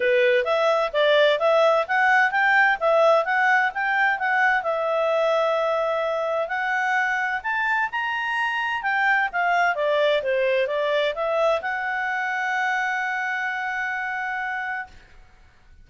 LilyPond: \new Staff \with { instrumentName = "clarinet" } { \time 4/4 \tempo 4 = 129 b'4 e''4 d''4 e''4 | fis''4 g''4 e''4 fis''4 | g''4 fis''4 e''2~ | e''2 fis''2 |
a''4 ais''2 g''4 | f''4 d''4 c''4 d''4 | e''4 fis''2.~ | fis''1 | }